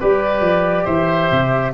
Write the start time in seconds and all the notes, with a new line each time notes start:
0.00 G3 G4 B4 D5
0.41 F3
0.85 E3 C5 E5
1.32 C3